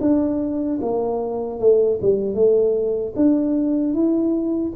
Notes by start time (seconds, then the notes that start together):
0.00 D4
0.81 A#3
1.59 A3
2.01 G3
2.34 A3
3.15 D4
3.93 E4